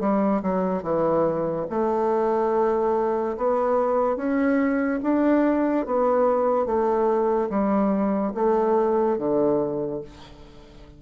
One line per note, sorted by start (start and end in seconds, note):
0.00 0.42 G3
0.42 0.83 F#3
0.83 1.66 E3
1.70 3.37 A3
3.37 4.17 B3
4.17 5.00 C#4
5.03 5.86 D4
5.86 6.66 B3
6.66 7.49 A3
7.50 8.33 G3
8.34 9.18 A3
9.18 10.01 D3